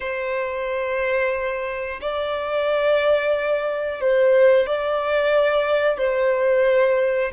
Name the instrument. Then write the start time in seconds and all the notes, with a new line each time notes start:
violin
0.00 C5
2.01 D5
4.00 C5
4.66 D5
5.98 C5